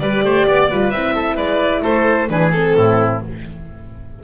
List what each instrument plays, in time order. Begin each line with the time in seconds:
0.00 double bass G3, horn G4, oboe B4, violin D5
0.23 double bass A3, oboe C5
0.48 double bass B3, oboe D5
0.70 double bass G3, horn F4, oboe B4
0.91 double bass C4, horn E4, violin E5
1.15 oboe A4
1.36 double bass G#3, oboe B4, violin D5
1.82 double bass A3, oboe A4, violin C5
2.29 double bass E3, horn D4, oboe G#4, violin B4
2.52 horn C4, violin A4
2.76 double bass A2, oboe E4